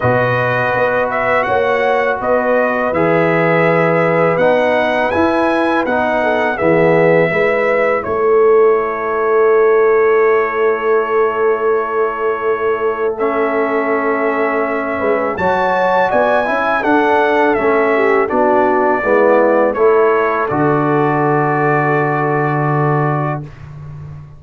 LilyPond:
<<
  \new Staff \with { instrumentName = "trumpet" } { \time 4/4 \tempo 4 = 82 dis''4. e''8 fis''4 dis''4 | e''2 fis''4 gis''4 | fis''4 e''2 cis''4~ | cis''1~ |
cis''2 e''2~ | e''4 a''4 gis''4 fis''4 | e''4 d''2 cis''4 | d''1 | }
  \new Staff \with { instrumentName = "horn" } { \time 4/4 b'2 cis''4 b'4~ | b'1~ | b'8 a'8 gis'4 b'4 a'4~ | a'1~ |
a'1~ | a'8 b'8 cis''4 d''8 e''8 a'4~ | a'8 g'8 fis'4 e'4 a'4~ | a'1 | }
  \new Staff \with { instrumentName = "trombone" } { \time 4/4 fis'1 | gis'2 dis'4 e'4 | dis'4 b4 e'2~ | e'1~ |
e'2 cis'2~ | cis'4 fis'4. e'8 d'4 | cis'4 d'4 b4 e'4 | fis'1 | }
  \new Staff \with { instrumentName = "tuba" } { \time 4/4 b,4 b4 ais4 b4 | e2 b4 e'4 | b4 e4 gis4 a4~ | a1~ |
a1~ | a8 gis8 fis4 b8 cis'8 d'4 | a4 b4 gis4 a4 | d1 | }
>>